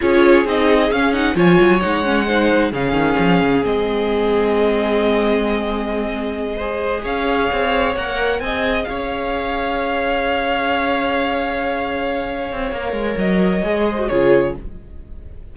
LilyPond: <<
  \new Staff \with { instrumentName = "violin" } { \time 4/4 \tempo 4 = 132 cis''4 dis''4 f''8 fis''8 gis''4 | fis''2 f''2 | dis''1~ | dis''2.~ dis''8 f''8~ |
f''4. fis''4 gis''4 f''8~ | f''1~ | f''1~ | f''4 dis''2 cis''4 | }
  \new Staff \with { instrumentName = "violin" } { \time 4/4 gis'2. cis''4~ | cis''4 c''4 gis'2~ | gis'1~ | gis'2~ gis'8 c''4 cis''8~ |
cis''2~ cis''8 dis''4 cis''8~ | cis''1~ | cis''1~ | cis''2~ cis''8 c''8 gis'4 | }
  \new Staff \with { instrumentName = "viola" } { \time 4/4 f'4 dis'4 cis'8 dis'8 f'4 | dis'8 cis'8 dis'4 cis'2 | c'1~ | c'2~ c'8 gis'4.~ |
gis'4. ais'4 gis'4.~ | gis'1~ | gis'1 | ais'2 gis'8. fis'16 f'4 | }
  \new Staff \with { instrumentName = "cello" } { \time 4/4 cis'4 c'4 cis'4 f8 fis8 | gis2 cis8 dis8 f8 cis8 | gis1~ | gis2.~ gis8 cis'8~ |
cis'8 c'4 ais4 c'4 cis'8~ | cis'1~ | cis'2.~ cis'8 c'8 | ais8 gis8 fis4 gis4 cis4 | }
>>